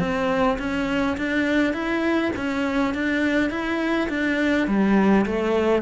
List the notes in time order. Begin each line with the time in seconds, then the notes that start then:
0.00 C4
0.59 C#4
1.18 D4
1.74 E4
2.36 C#4
2.95 D4
3.51 E4
4.09 D4
4.68 G3
5.26 A3